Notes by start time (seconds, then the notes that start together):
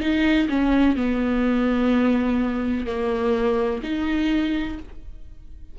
0.00 D#4
0.48 C#4
0.96 B3
2.86 A#3
3.83 D#4